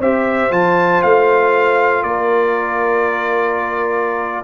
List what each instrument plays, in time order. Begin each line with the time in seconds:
0.00 tuba C4, trombone G4, horn C5, trumpet E5
0.51 tuba F3, trombone F4, trumpet A5
1.03 tuba A3, trumpet F5
2.03 tuba A#3, horn A#4, trumpet D5